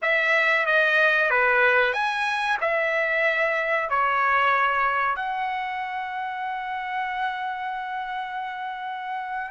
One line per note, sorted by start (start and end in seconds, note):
0.02 0.65 E5
0.65 1.30 D#5
1.30 1.93 B4
1.93 2.57 G#5
2.60 3.89 E5
3.89 5.16 C#5
5.16 9.51 F#5